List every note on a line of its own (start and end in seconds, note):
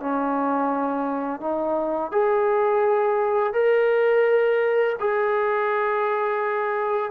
0.00 1.41 C#4
1.41 2.12 D#4
2.12 3.53 G#4
3.53 4.96 A#4
5.00 7.11 G#4